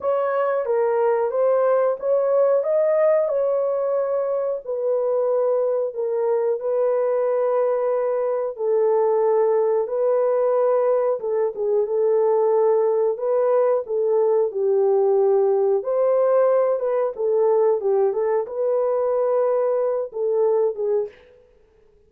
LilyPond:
\new Staff \with { instrumentName = "horn" } { \time 4/4 \tempo 4 = 91 cis''4 ais'4 c''4 cis''4 | dis''4 cis''2 b'4~ | b'4 ais'4 b'2~ | b'4 a'2 b'4~ |
b'4 a'8 gis'8 a'2 | b'4 a'4 g'2 | c''4. b'8 a'4 g'8 a'8 | b'2~ b'8 a'4 gis'8 | }